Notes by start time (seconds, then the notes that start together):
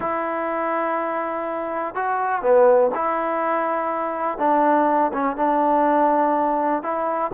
0.00 E4
1.94 F#4
2.42 B3
2.94 E4
4.38 D4
5.13 C#4
5.36 D4
6.82 E4